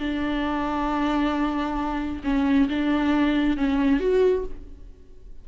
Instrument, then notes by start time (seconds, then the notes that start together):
viola
0.00 D4
2.24 C#4
2.69 D4
3.58 C#4
4.00 F#4